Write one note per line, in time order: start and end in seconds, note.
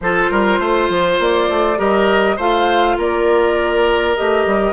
0.00 0.30 F3
0.00 1.77 F4
0.00 0.31 A4
0.00 1.20 C5
0.31 0.59 G3
0.31 0.60 A#4
0.59 0.89 A3
0.59 1.78 C5
0.89 1.18 F3
1.19 1.49 A#3
1.19 1.79 D5
1.49 1.78 A3
1.77 2.37 G3
1.77 2.36 G4
1.77 2.36 A#4
1.77 2.38 D#5
2.36 2.97 A3
2.36 4.16 F4
2.36 2.95 C5
2.36 2.98 F5
2.97 4.16 A#3
2.97 4.72 A#4
2.97 4.16 D5
4.16 4.46 A3
4.16 4.72 G4
4.16 4.72 D#5
4.46 4.72 G3